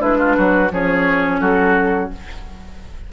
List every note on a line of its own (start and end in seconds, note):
0.00 0.37 G#3
0.00 0.70 D4
0.00 0.18 E4
0.00 0.72 B4
0.19 0.36 F4
0.38 0.72 F#3
0.38 0.73 F#4
0.72 1.41 F3
0.72 2.13 C#4
0.72 1.41 G#4
0.72 1.41 C#5
1.41 2.11 F#3
1.41 2.11 F#4
1.41 2.11 A4